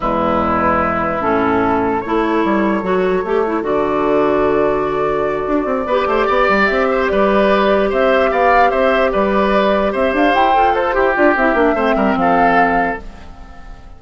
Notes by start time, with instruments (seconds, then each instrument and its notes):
0.00 bassoon E2, clarinet G#3, oboe E4, flute B4
1.20 bassoon A2, clarinet C#4, flute A4
2.01 bassoon A3, clarinet E4, oboe A4, flute C#5
2.44 bassoon G3
2.82 bassoon F#3, clarinet F#4
3.24 bassoon A3, clarinet G4
3.46 clarinet E4
3.62 bassoon D3, clarinet F#4, flute D5
5.47 bassoon D4
5.65 bassoon C4
5.85 bassoon B3, clarinet G4, oboe B4
6.06 bassoon A3, oboe C5
6.26 bassoon B3, oboe D5
6.49 bassoon G3
6.65 bassoon C4, flute E5
6.91 oboe C5
7.08 bassoon G3, oboe B4, flute D5
7.89 bassoon C4, oboe C5, flute E5
8.31 bassoon B3, oboe D5, flute F5
8.70 bassoon C4, oboe C5, flute E5
9.11 bassoon G3, oboe B4, flute D5
9.92 bassoon C4, oboe C5, flute E5
10.13 bassoon D4, flute F5
10.34 bassoon E4, flute G5
10.53 bassoon F4, clarinet A4
10.74 oboe A4, flute C5
10.93 bassoon E4, clarinet G4, oboe G4
11.14 bassoon D4, clarinet F4, flute D5
11.35 bassoon C4, clarinet E4, flute E5
11.53 bassoon A#3, clarinet D4
11.73 bassoon A3, clarinet C4, oboe C5
11.95 bassoon G3, oboe A#4
12.15 bassoon F3, oboe A4, flute F5